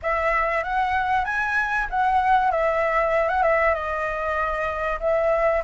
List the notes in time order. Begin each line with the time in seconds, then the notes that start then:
0.02 E5
0.63 F#5
1.24 G#5
1.89 F#5
2.51 E5
3.28 F#5
3.43 E5
3.74 D#5
5.00 E5